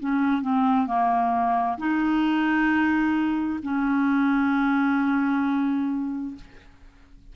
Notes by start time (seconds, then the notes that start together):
0.00 C#4
0.42 C4
0.87 A#3
1.78 D#4
3.63 C#4